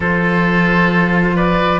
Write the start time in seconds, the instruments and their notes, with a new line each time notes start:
0.00 cello F3 F4, oboe A4, flute C5
1.35 oboe B4, flute D5